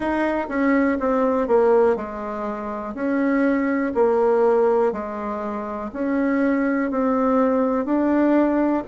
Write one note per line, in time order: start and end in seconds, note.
0.00 0.46 D#4
0.48 0.97 C#4
0.99 1.47 C4
1.47 1.96 A#3
1.96 2.94 G#3
2.94 3.93 C#4
3.94 4.92 A#3
4.92 5.90 G#3
5.92 6.91 C#4
6.91 7.85 C4
7.85 8.83 D4